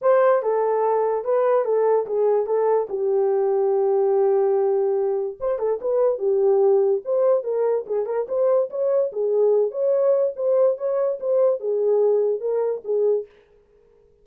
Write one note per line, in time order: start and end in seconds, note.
0.01 0.42 C5
0.42 1.24 A4
1.24 1.64 B4
1.64 2.06 A4
2.06 2.46 G#4
2.46 2.87 A4
2.89 5.37 G4
5.40 5.58 C5
5.58 5.79 A4
5.81 6.18 B4
6.18 7.01 G4
7.04 7.43 C5
7.43 7.85 A#4
7.86 8.06 G#4
8.06 8.26 A#4
8.28 8.69 C5
8.70 9.11 C#5
9.12 9.71 G#4
9.71 10.33 C#5
10.36 10.77 C5
10.77 11.19 C#5
11.19 11.60 C5
11.60 12.40 G#4
12.40 12.81 A#4
12.84 13.25 G#4